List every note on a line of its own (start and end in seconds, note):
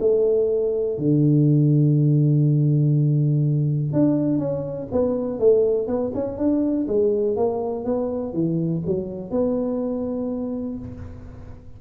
0.00 0.98 A3
0.98 3.93 D3
3.93 4.38 D4
4.38 4.88 C#4
4.92 5.39 B3
5.39 5.87 A3
5.87 6.12 B3
6.15 6.38 C#4
6.38 6.87 D4
6.88 7.37 G#3
7.37 7.85 A#3
7.85 8.33 B3
8.33 8.82 E3
8.86 9.31 F#3
9.31 10.78 B3